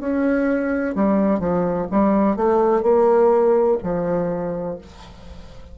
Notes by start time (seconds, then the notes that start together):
0.00 C#4
0.95 G3
1.40 F3
1.91 G3
2.37 A3
2.83 A#3
3.83 F3